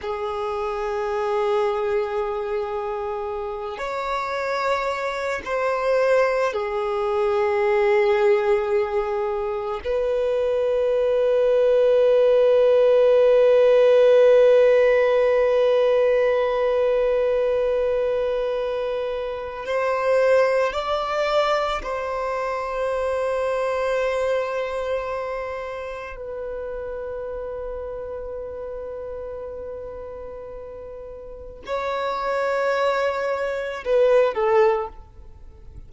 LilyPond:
\new Staff \with { instrumentName = "violin" } { \time 4/4 \tempo 4 = 55 gis'2.~ gis'8 cis''8~ | cis''4 c''4 gis'2~ | gis'4 b'2.~ | b'1~ |
b'2 c''4 d''4 | c''1 | b'1~ | b'4 cis''2 b'8 a'8 | }